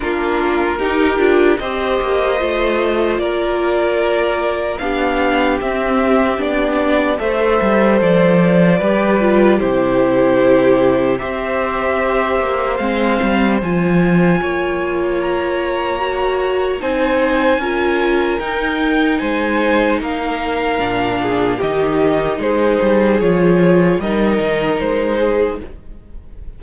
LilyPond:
<<
  \new Staff \with { instrumentName = "violin" } { \time 4/4 \tempo 4 = 75 ais'2 dis''2 | d''2 f''4 e''4 | d''4 e''4 d''2 | c''2 e''2 |
f''4 gis''2 ais''4~ | ais''4 gis''2 g''4 | gis''4 f''2 dis''4 | c''4 cis''4 dis''4 c''4 | }
  \new Staff \with { instrumentName = "violin" } { \time 4/4 f'4 g'4 c''2 | ais'2 g'2~ | g'4 c''2 b'4 | g'2 c''2~ |
c''2 cis''2~ | cis''4 c''4 ais'2 | c''4 ais'4. gis'8 g'4 | gis'2 ais'4. gis'8 | }
  \new Staff \with { instrumentName = "viola" } { \time 4/4 d'4 dis'8 f'8 g'4 f'4~ | f'2 d'4 c'4 | d'4 a'2 g'8 f'8 | e'2 g'2 |
c'4 f'2. | fis'4 dis'4 f'4 dis'4~ | dis'2 d'4 dis'4~ | dis'4 f'4 dis'2 | }
  \new Staff \with { instrumentName = "cello" } { \time 4/4 ais4 dis'8 d'8 c'8 ais8 a4 | ais2 b4 c'4 | b4 a8 g8 f4 g4 | c2 c'4. ais8 |
gis8 g8 f4 ais2~ | ais4 c'4 cis'4 dis'4 | gis4 ais4 ais,4 dis4 | gis8 g8 f4 g8 dis8 gis4 | }
>>